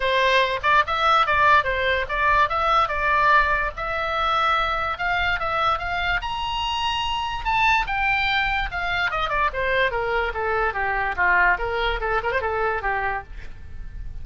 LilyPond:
\new Staff \with { instrumentName = "oboe" } { \time 4/4 \tempo 4 = 145 c''4. d''8 e''4 d''4 | c''4 d''4 e''4 d''4~ | d''4 e''2. | f''4 e''4 f''4 ais''4~ |
ais''2 a''4 g''4~ | g''4 f''4 dis''8 d''8 c''4 | ais'4 a'4 g'4 f'4 | ais'4 a'8 ais'16 c''16 a'4 g'4 | }